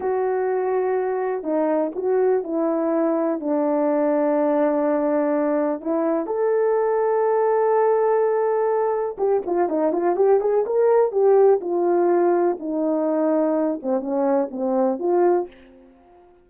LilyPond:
\new Staff \with { instrumentName = "horn" } { \time 4/4 \tempo 4 = 124 fis'2. dis'4 | fis'4 e'2 d'4~ | d'1 | e'4 a'2.~ |
a'2. g'8 f'8 | dis'8 f'8 g'8 gis'8 ais'4 g'4 | f'2 dis'2~ | dis'8 c'8 cis'4 c'4 f'4 | }